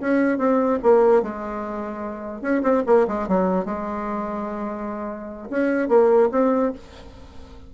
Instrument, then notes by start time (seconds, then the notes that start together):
bassoon
0.00 C#4
0.38 C4
0.83 A#3
1.22 G#3
2.41 C#4
2.62 C4
2.86 A#3
3.07 G#3
3.28 F#3
3.65 G#3
5.50 C#4
5.88 A#3
6.31 C4